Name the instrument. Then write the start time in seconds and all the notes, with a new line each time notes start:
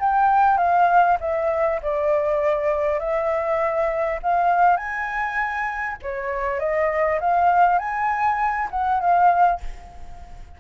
flute
0.00 G5
0.58 F5
1.20 E5
1.82 D5
3.00 E5
4.23 F5
4.77 G#5
6.03 C#5
6.60 D#5
7.20 F5
7.79 G#5
8.71 F#5
9.01 F5